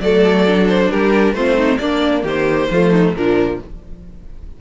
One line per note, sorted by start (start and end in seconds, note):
0.00 0.90 F#3
0.00 0.47 A3
0.00 0.90 A4
0.00 0.67 D5
0.47 1.35 D4
0.69 0.91 C5
0.90 1.33 G3
0.90 1.35 G4
0.90 1.33 A#4
1.33 1.78 A3
1.33 1.80 C4
1.33 1.56 F4
1.33 1.78 C5
1.56 1.78 D#4
1.78 2.23 A#3
1.78 2.71 A#3
1.78 2.23 D4
1.78 2.23 D5
2.23 2.68 D#3
2.23 2.68 G4
2.23 3.15 C5
2.70 3.13 F3
2.70 3.15 A3
2.70 2.90 F4
2.90 3.13 D#4
3.13 3.58 A#2
3.13 3.60 F3
3.13 3.61 D4
3.13 3.60 A#4